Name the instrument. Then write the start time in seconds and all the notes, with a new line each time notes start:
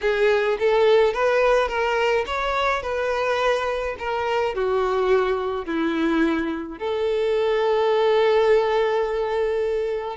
violin
0.01 G#4
0.59 A4
1.13 B4
1.68 A#4
2.26 C#5
2.82 B4
3.98 A#4
4.54 F#4
5.65 E4
6.78 A4